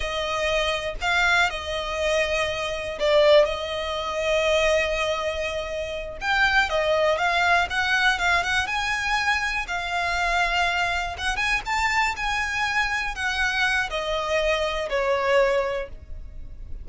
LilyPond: \new Staff \with { instrumentName = "violin" } { \time 4/4 \tempo 4 = 121 dis''2 f''4 dis''4~ | dis''2 d''4 dis''4~ | dis''1~ | dis''8 g''4 dis''4 f''4 fis''8~ |
fis''8 f''8 fis''8 gis''2 f''8~ | f''2~ f''8 fis''8 gis''8 a''8~ | a''8 gis''2 fis''4. | dis''2 cis''2 | }